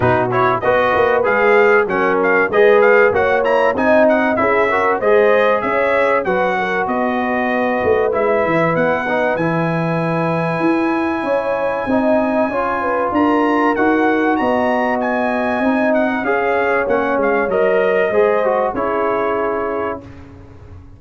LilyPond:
<<
  \new Staff \with { instrumentName = "trumpet" } { \time 4/4 \tempo 4 = 96 b'8 cis''8 dis''4 f''4 fis''8 f''8 | dis''8 f''8 fis''8 ais''8 gis''8 fis''8 e''4 | dis''4 e''4 fis''4 dis''4~ | dis''4 e''4 fis''4 gis''4~ |
gis''1~ | gis''4 ais''4 fis''4 ais''4 | gis''4. fis''8 f''4 fis''8 f''8 | dis''2 cis''2 | }
  \new Staff \with { instrumentName = "horn" } { \time 4/4 fis'4 b'2 ais'4 | b'4 cis''4 dis''4 gis'8 ais'8 | c''4 cis''4 b'8 ais'8 b'4~ | b'1~ |
b'2 cis''4 dis''4 | cis''8 b'8 ais'2 dis''4~ | dis''2 cis''2~ | cis''4 c''4 gis'2 | }
  \new Staff \with { instrumentName = "trombone" } { \time 4/4 dis'8 e'8 fis'4 gis'4 cis'4 | gis'4 fis'8 e'8 dis'4 e'8 fis'8 | gis'2 fis'2~ | fis'4 e'4. dis'8 e'4~ |
e'2. dis'4 | f'2 fis'2~ | fis'4 dis'4 gis'4 cis'4 | ais'4 gis'8 fis'8 e'2 | }
  \new Staff \with { instrumentName = "tuba" } { \time 4/4 b,4 b8 ais8 gis4 fis4 | gis4 ais4 c'4 cis'4 | gis4 cis'4 fis4 b4~ | b8 a8 gis8 e8 b4 e4~ |
e4 e'4 cis'4 c'4 | cis'4 d'4 dis'4 b4~ | b4 c'4 cis'4 ais8 gis8 | fis4 gis4 cis'2 | }
>>